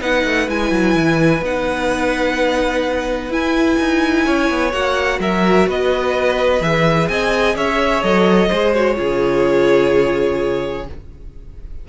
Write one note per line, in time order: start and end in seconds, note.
0.00 0.24 B3
0.00 0.47 D#4
0.00 4.25 B4
0.00 0.49 F#5
0.24 0.48 A3
0.48 0.71 G#3
0.48 1.42 E4
0.48 1.44 G#5
0.71 0.95 F#3
0.95 1.42 E3
1.42 3.29 B3
1.42 3.30 D#4
1.42 3.32 F#5
3.29 3.76 E4
3.29 4.72 E4
3.29 4.72 G#5
3.79 4.26 D#4
4.25 4.50 C#4
4.25 5.19 C#5
4.50 4.73 B3
4.72 5.19 A#3
4.72 6.61 F#4
4.72 5.19 F#5
5.19 5.67 F#3
5.19 5.68 A#4
5.19 5.69 E5
5.67 6.60 B3
5.67 7.10 B4
5.67 6.61 D#5
6.60 7.08 E3
6.60 8.03 G#4
6.60 7.08 E5
7.08 7.55 C4
7.08 7.56 D#5
7.08 7.55 G#5
7.55 8.03 C#4
7.55 8.48 C#5
7.55 8.03 E5
8.03 8.50 F#3
8.03 8.50 A4
8.03 8.74 D#5
8.48 8.99 G#3
8.48 8.75 G#4
8.48 8.95 C5
8.74 8.95 F#4
8.74 10.87 C#5
8.95 10.88 C#3
8.95 10.84 F4
8.95 10.87 G#4